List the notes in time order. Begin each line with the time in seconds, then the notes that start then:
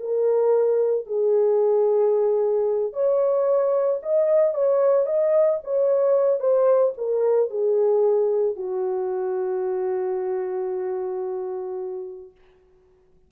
0.00 A#4
1.07 G#4
2.93 C#5
4.03 D#5
4.55 C#5
5.06 D#5
5.64 C#5
6.40 C5
6.98 A#4
7.50 G#4
8.56 F#4